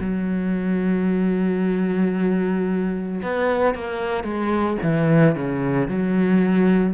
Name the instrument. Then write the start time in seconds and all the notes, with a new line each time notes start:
cello
0.00 F#3
3.22 B3
3.75 A#3
4.24 G#3
4.83 E3
5.35 C#3
5.88 F#3